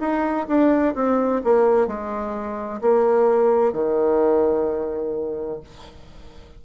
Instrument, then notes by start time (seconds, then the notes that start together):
bassoon
0.00 D#4
0.48 D4
0.95 C4
1.44 A#3
1.87 G#3
2.81 A#3
3.73 D#3